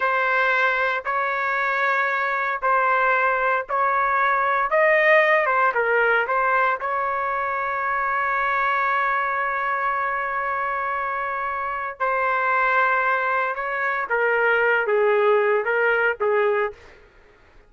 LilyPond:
\new Staff \with { instrumentName = "trumpet" } { \time 4/4 \tempo 4 = 115 c''2 cis''2~ | cis''4 c''2 cis''4~ | cis''4 dis''4. c''8 ais'4 | c''4 cis''2.~ |
cis''1~ | cis''2. c''4~ | c''2 cis''4 ais'4~ | ais'8 gis'4. ais'4 gis'4 | }